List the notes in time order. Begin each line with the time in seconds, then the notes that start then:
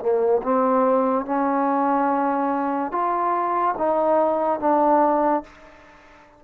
0.00 A#3
0.43 C4
1.26 C#4
2.92 F4
3.78 D#4
4.60 D4